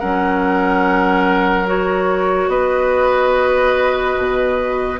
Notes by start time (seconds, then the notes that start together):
0.00 F#3 C#4 A#4 F#5
1.66 F#4 C#5
2.48 B3 B4 D#5
4.18 B2